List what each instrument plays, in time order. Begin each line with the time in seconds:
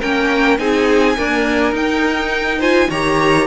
0.00 cello A#3, viola C#4, violin A#4 G5
0.59 cello C4, viola D#4, violin G#4 G#5
1.17 viola A#3, cello D4, violin A#4
1.73 cello D#4, viola D#4, violin G5
2.59 viola F4, violin C5 G#5
2.90 cello D#3, viola G4, violin C#5 A#5